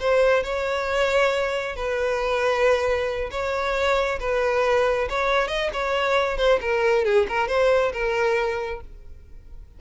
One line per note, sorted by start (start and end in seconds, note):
0.00 0.43 C5
0.43 1.76 C#5
1.76 3.30 B4
3.31 4.19 C#5
4.20 5.08 B4
5.09 5.48 C#5
5.48 5.70 D#5
5.73 6.37 C#5
6.37 6.59 C5
6.61 7.04 A#4
7.04 7.27 G#4
7.28 7.48 A#4
7.48 7.92 C5
7.93 8.81 A#4